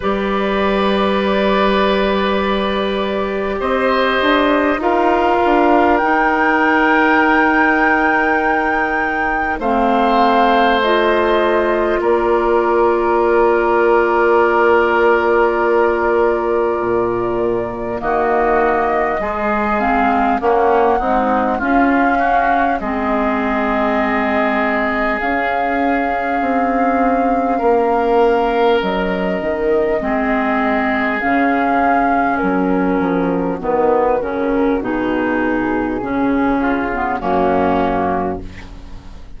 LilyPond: <<
  \new Staff \with { instrumentName = "flute" } { \time 4/4 \tempo 4 = 50 d''2. dis''4 | f''4 g''2. | f''4 dis''4 d''2~ | d''2. dis''4~ |
dis''8 f''8 fis''4 f''4 dis''4~ | dis''4 f''2. | dis''2 f''4 ais'4 | b'8 ais'8 gis'2 fis'4 | }
  \new Staff \with { instrumentName = "oboe" } { \time 4/4 b'2. c''4 | ais'1 | c''2 ais'2~ | ais'2. fis'4 |
gis'4 cis'8 dis'8 f'8 fis'8 gis'4~ | gis'2. ais'4~ | ais'4 gis'2 fis'4~ | fis'2~ fis'8 f'8 cis'4 | }
  \new Staff \with { instrumentName = "clarinet" } { \time 4/4 g'1 | f'4 dis'2. | c'4 f'2.~ | f'2. ais4 |
gis8 c'8 ais8 gis8 cis'4 c'4~ | c'4 cis'2.~ | cis'4 c'4 cis'2 | b8 cis'8 dis'4 cis'8. b16 ais4 | }
  \new Staff \with { instrumentName = "bassoon" } { \time 4/4 g2. c'8 d'8 | dis'8 d'8 dis'2. | a2 ais2~ | ais2 ais,4 dis4 |
gis4 ais8 c'8 cis'4 gis4~ | gis4 cis'4 c'4 ais4 | fis8 dis8 gis4 cis4 fis8 f8 | dis8 cis8 b,4 cis4 fis,4 | }
>>